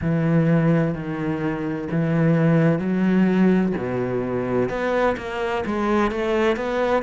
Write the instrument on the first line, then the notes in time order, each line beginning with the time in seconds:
cello
0.01 E3
0.94 D#3
1.91 E3
2.79 F#3
3.77 B2
4.69 B3
5.16 A#3
5.65 G#3
6.11 A3
6.56 B3